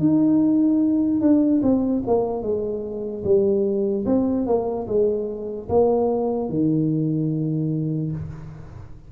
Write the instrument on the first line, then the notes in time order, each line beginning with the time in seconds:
tuba
0.00 D#4
1.21 D4
1.63 C4
2.07 A#3
2.43 G#3
3.24 G3
4.06 C4
4.46 A#3
4.87 G#3
5.69 A#3
6.49 D#3